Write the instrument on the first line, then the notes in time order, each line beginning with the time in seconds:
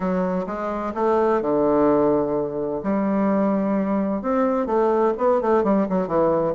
bassoon
0.00 F#3
0.46 G#3
0.94 A3
1.41 D3
2.83 G3
4.22 C4
4.66 A3
5.17 B3
5.41 A3
5.63 G3
5.89 F#3
6.07 E3